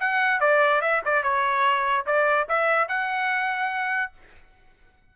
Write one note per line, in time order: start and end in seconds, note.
0.00 0.40 F#5
0.40 0.82 D5
0.82 1.02 E5
1.05 1.23 D5
1.23 2.06 C#5
2.06 2.48 D5
2.49 2.89 E5
2.89 4.13 F#5